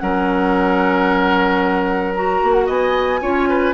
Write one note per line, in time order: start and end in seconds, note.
0.00 2.43 F#3
0.00 2.15 C#4
0.00 2.67 A#4
0.00 2.14 F#5
2.15 3.22 F#4
2.15 2.53 A#5
2.43 2.69 A#3
2.53 2.66 F#5
2.67 3.22 B3
2.67 3.20 D#5
2.67 3.74 G#5
3.22 3.74 C#4
3.22 3.74 F4
3.22 3.49 C#5
3.50 3.74 B4